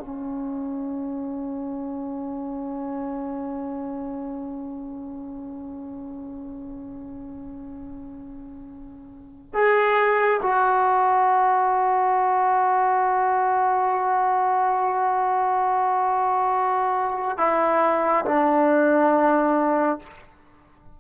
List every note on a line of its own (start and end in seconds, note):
0.00 9.54 C#4
9.54 10.41 G#4
10.43 17.38 F#4
17.38 18.25 E4
18.25 19.99 D4